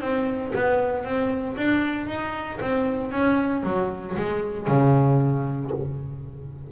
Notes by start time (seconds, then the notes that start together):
0.00 C4
0.55 B3
1.04 C4
1.56 D4
2.07 D#4
2.61 C4
3.11 C#4
3.63 F#3
4.16 G#3
4.67 C#3